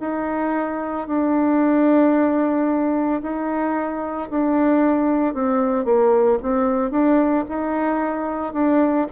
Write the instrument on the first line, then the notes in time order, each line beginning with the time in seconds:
bassoon
0.00 D#4
1.07 D4
3.22 D#4
4.30 D4
5.34 C4
5.85 A#3
6.42 C4
6.91 D4
7.49 D#4
8.53 D4